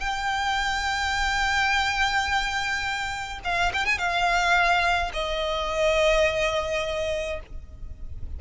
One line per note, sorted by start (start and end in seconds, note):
0.00 3.40 G5
3.44 3.72 F5
3.73 3.85 G5
3.85 3.98 G#5
3.98 5.11 F5
5.13 7.40 D#5